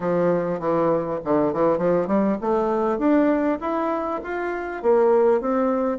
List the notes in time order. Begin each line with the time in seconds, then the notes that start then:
0.00 F3
0.59 E3
1.24 D3
1.53 E3
1.78 F3
2.07 G3
2.41 A3
2.98 D4
3.60 E4
4.23 F4
4.82 A#3
5.40 C4